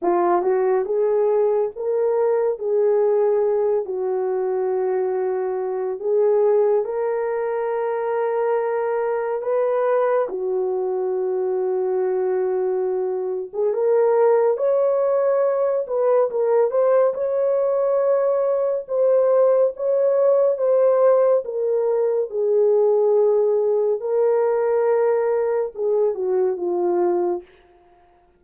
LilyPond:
\new Staff \with { instrumentName = "horn" } { \time 4/4 \tempo 4 = 70 f'8 fis'8 gis'4 ais'4 gis'4~ | gis'8 fis'2~ fis'8 gis'4 | ais'2. b'4 | fis'2.~ fis'8. gis'16 |
ais'4 cis''4. b'8 ais'8 c''8 | cis''2 c''4 cis''4 | c''4 ais'4 gis'2 | ais'2 gis'8 fis'8 f'4 | }